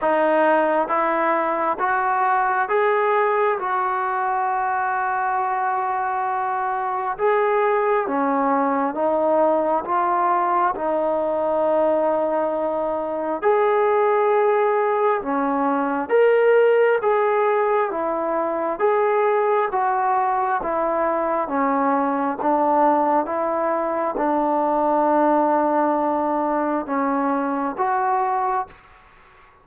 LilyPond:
\new Staff \with { instrumentName = "trombone" } { \time 4/4 \tempo 4 = 67 dis'4 e'4 fis'4 gis'4 | fis'1 | gis'4 cis'4 dis'4 f'4 | dis'2. gis'4~ |
gis'4 cis'4 ais'4 gis'4 | e'4 gis'4 fis'4 e'4 | cis'4 d'4 e'4 d'4~ | d'2 cis'4 fis'4 | }